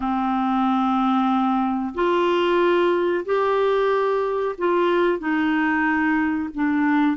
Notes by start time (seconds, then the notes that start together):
0.00 C4
1.94 F4
3.25 G4
4.57 F4
5.18 D#4
6.54 D4